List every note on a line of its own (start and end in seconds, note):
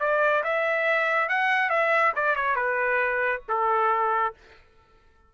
0.00 0.43 D5
0.43 1.29 E5
1.29 1.69 F#5
1.69 2.12 E5
2.15 2.35 D5
2.35 2.55 C#5
2.55 3.41 B4
3.48 4.34 A4